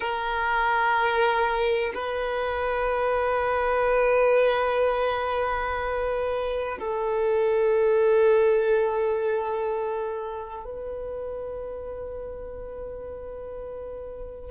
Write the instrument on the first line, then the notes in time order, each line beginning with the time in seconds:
violin
0.00 A#4
1.94 B4
6.78 A4
10.65 B4